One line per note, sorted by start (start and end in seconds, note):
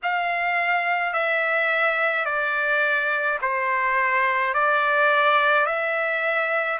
0.03 1.13 F5
1.13 2.25 E5
2.25 3.38 D5
3.41 4.53 C5
4.53 5.66 D5
5.66 6.79 E5